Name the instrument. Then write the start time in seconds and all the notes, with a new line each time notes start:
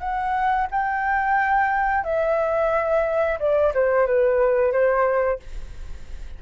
flute
0.00 F#5
0.71 G5
2.04 E5
3.40 D5
3.74 C5
4.07 B4
4.73 C5